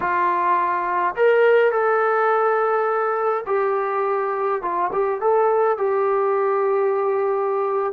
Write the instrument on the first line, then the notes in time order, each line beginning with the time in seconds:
trombone
0.00 F4
1.15 A#4
1.71 A4
3.46 G4
4.62 F4
4.92 G4
5.20 A4
5.77 G4